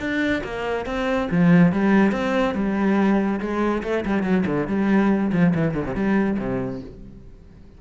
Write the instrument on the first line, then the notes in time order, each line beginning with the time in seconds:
cello
0.00 D4
0.44 A#3
0.86 C4
1.32 F3
1.73 G3
2.12 C4
2.55 G3
3.41 G#3
3.84 A3
4.06 G3
4.23 F#3
4.47 D3
4.68 G3
5.32 F3
5.55 E3
5.75 D3
5.86 C3
5.95 G3
6.39 C3